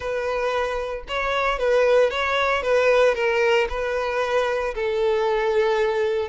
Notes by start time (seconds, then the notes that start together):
0.00 B4
1.08 C#5
1.58 B4
2.10 C#5
2.62 B4
3.15 A#4
3.69 B4
4.74 A4